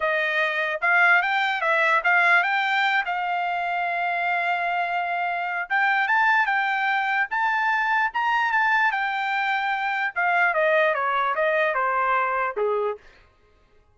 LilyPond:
\new Staff \with { instrumentName = "trumpet" } { \time 4/4 \tempo 4 = 148 dis''2 f''4 g''4 | e''4 f''4 g''4. f''8~ | f''1~ | f''2 g''4 a''4 |
g''2 a''2 | ais''4 a''4 g''2~ | g''4 f''4 dis''4 cis''4 | dis''4 c''2 gis'4 | }